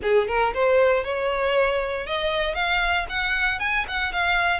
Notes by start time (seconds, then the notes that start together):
0.02 G#4
0.27 A#4
0.54 C5
1.04 C#5
2.06 D#5
2.55 F5
3.09 F#5
3.59 G#5
3.88 F#5
4.12 F5